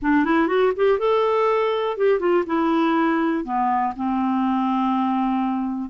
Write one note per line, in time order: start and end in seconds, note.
0.02 0.25 D4
0.25 0.47 E4
0.47 0.72 F#4
0.76 0.98 G4
0.98 1.97 A4
1.97 2.19 G4
2.19 2.44 F4
2.46 3.44 E4
3.44 3.93 B3
3.96 5.89 C4